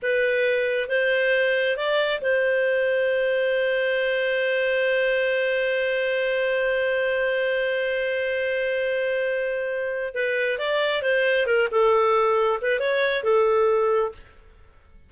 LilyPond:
\new Staff \with { instrumentName = "clarinet" } { \time 4/4 \tempo 4 = 136 b'2 c''2 | d''4 c''2.~ | c''1~ | c''1~ |
c''1~ | c''2. b'4 | d''4 c''4 ais'8 a'4.~ | a'8 b'8 cis''4 a'2 | }